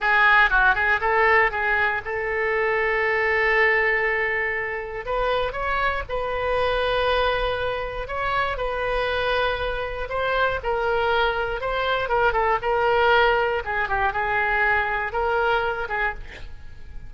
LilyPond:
\new Staff \with { instrumentName = "oboe" } { \time 4/4 \tempo 4 = 119 gis'4 fis'8 gis'8 a'4 gis'4 | a'1~ | a'2 b'4 cis''4 | b'1 |
cis''4 b'2. | c''4 ais'2 c''4 | ais'8 a'8 ais'2 gis'8 g'8 | gis'2 ais'4. gis'8 | }